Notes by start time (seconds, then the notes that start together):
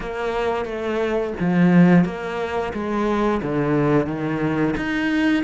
0.00 A#3
0.65 A3
1.40 F3
2.05 A#3
2.73 G#3
3.42 D3
4.06 D#3
4.76 D#4